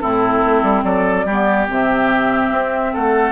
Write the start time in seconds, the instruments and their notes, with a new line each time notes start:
0.00 bassoon A2, clarinet C4, oboe E4, flute A4
0.46 bassoon A3
0.63 bassoon G3
0.84 bassoon F#3, oboe A4, flute D5
1.26 bassoon G3, clarinet B3, oboe G4
1.68 bassoon C3, clarinet C4, flute E5
2.52 bassoon C4
2.93 bassoon A3, oboe A4, flute F#5